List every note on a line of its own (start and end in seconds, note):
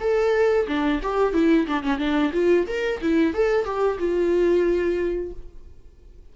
0.00 0.67 A4
0.68 1.01 D4
1.03 1.33 G4
1.33 1.67 E4
1.67 1.83 D4
1.83 1.98 C#4
1.98 2.32 D4
2.33 2.66 F4
2.67 3.01 A#4
3.01 3.34 E4
3.34 3.65 A4
3.65 3.98 G4
3.98 5.32 F4